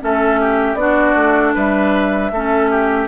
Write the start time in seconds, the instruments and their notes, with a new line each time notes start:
0.00 bassoon A3, clarinet C#4, oboe A4, flute E5
0.40 oboe G4
0.74 bassoon B3, clarinet D4, oboe F#4, flute D5
1.15 bassoon A3
1.54 bassoon G3, oboe B4, flute E5
2.31 bassoon A3, clarinet C#4, oboe A4
2.70 oboe G4